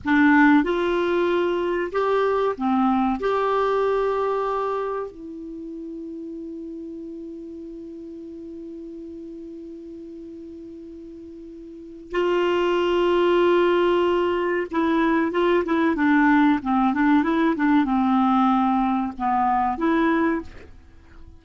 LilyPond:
\new Staff \with { instrumentName = "clarinet" } { \time 4/4 \tempo 4 = 94 d'4 f'2 g'4 | c'4 g'2. | e'1~ | e'1~ |
e'2. f'4~ | f'2. e'4 | f'8 e'8 d'4 c'8 d'8 e'8 d'8 | c'2 b4 e'4 | }